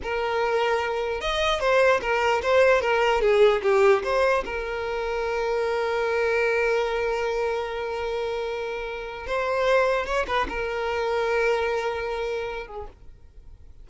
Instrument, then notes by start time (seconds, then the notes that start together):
violin
0.02 A#4
1.20 D#5
1.60 C5
2.01 A#4
2.42 C5
2.81 A#4
3.21 G#4
3.62 G4
4.03 C5
4.44 A#4
9.27 C5
10.06 C#5
10.27 B4
10.48 A#4
12.67 G#4